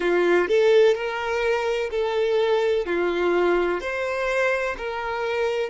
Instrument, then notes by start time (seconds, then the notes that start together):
violin
0.00 F4
0.48 A4
0.94 A#4
1.90 A4
2.86 F4
3.81 C5
4.77 A#4